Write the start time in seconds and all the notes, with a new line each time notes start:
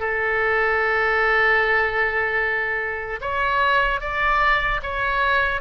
0.00 A4
3.21 C#5
4.01 D5
4.83 C#5